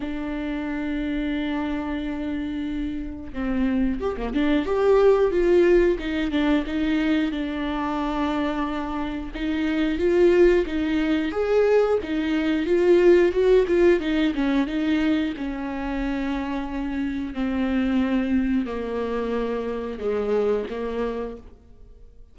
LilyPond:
\new Staff \with { instrumentName = "viola" } { \time 4/4 \tempo 4 = 90 d'1~ | d'4 c'4 g'16 ais16 d'8 g'4 | f'4 dis'8 d'8 dis'4 d'4~ | d'2 dis'4 f'4 |
dis'4 gis'4 dis'4 f'4 | fis'8 f'8 dis'8 cis'8 dis'4 cis'4~ | cis'2 c'2 | ais2 gis4 ais4 | }